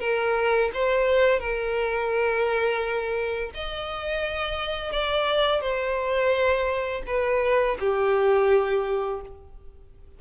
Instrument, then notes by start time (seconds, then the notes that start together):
violin
0.00 A#4
0.74 C5
1.40 A#4
3.54 D#5
4.93 D5
5.61 C5
7.07 B4
7.80 G4